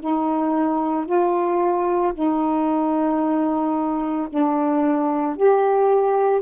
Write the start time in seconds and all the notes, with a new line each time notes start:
0.00 D#4
1.06 F4
2.14 D#4
4.29 D4
5.36 G4